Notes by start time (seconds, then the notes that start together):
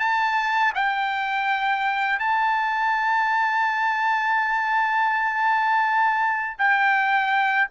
0.00 A5
0.75 G5
2.20 A5
6.59 G5